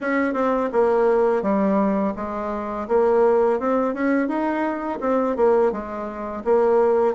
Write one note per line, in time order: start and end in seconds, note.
0.00 0.33 C#4
0.33 0.69 C4
0.72 1.42 A#3
1.42 2.13 G3
2.16 2.87 G#3
2.88 3.59 A#3
3.59 3.94 C4
3.94 4.28 C#4
4.28 4.99 D#4
5.00 5.36 C4
5.36 5.71 A#3
5.71 6.43 G#3
6.44 7.14 A#3